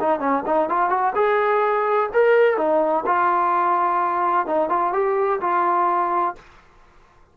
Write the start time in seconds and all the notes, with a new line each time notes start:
0.00 D#4
0.20 C#4
0.46 D#4
0.69 F4
0.90 F#4
1.15 G#4
2.13 A#4
2.57 D#4
3.06 F4
4.47 D#4
4.69 F4
4.93 G4
5.41 F4